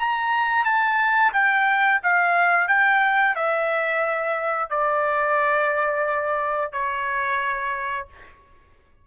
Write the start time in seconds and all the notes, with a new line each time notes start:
0.00 A#5
0.65 A5
1.34 G5
2.04 F5
2.68 G5
3.36 E5
4.70 D5
6.72 C#5